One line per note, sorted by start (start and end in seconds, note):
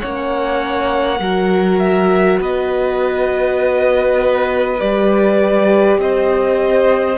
0.00 1.20 A#3
0.00 1.19 C#4
0.00 1.20 C#5
0.00 1.79 F#5
1.19 2.40 F#3
1.19 4.79 F#4
1.19 2.40 A#4
1.79 2.39 E5
2.40 4.80 B3
2.40 6.00 B4
2.40 4.80 D#5
4.79 5.98 G3
4.79 7.18 G4
4.79 6.00 D5
5.98 7.18 C4
5.98 7.18 C5
5.98 7.18 D#5